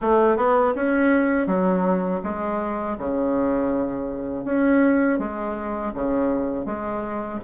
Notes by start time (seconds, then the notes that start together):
0.01 A3
0.36 B3
0.75 C#4
1.46 F#3
2.23 G#3
2.98 C#3
4.44 C#4
5.19 G#3
5.94 C#3
6.65 G#3